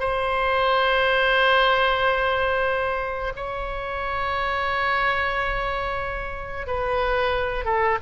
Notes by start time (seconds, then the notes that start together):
0.00 C5
3.36 C#5
6.67 B4
7.65 A4